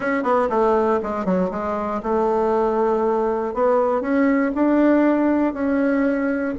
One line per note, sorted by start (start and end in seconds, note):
0.00 0.23 C#4
0.23 0.48 B3
0.49 0.99 A3
1.02 1.25 G#3
1.25 1.50 F#3
1.51 2.01 G#3
2.02 3.54 A3
3.54 4.01 B3
4.01 4.51 C#4
4.54 5.53 D4
5.53 6.54 C#4